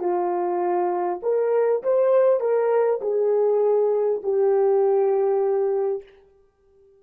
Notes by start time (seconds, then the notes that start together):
0.00 F4
1.23 A#4
1.83 C5
2.41 A#4
3.02 G#4
4.23 G4